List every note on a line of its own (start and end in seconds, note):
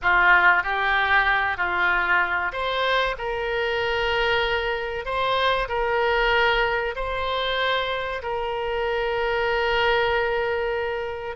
0.02 0.63 F4
0.63 1.57 G4
1.57 2.52 F4
2.52 3.15 C5
3.18 5.05 A#4
5.05 5.68 C5
5.68 6.94 A#4
6.95 8.22 C5
8.22 11.36 A#4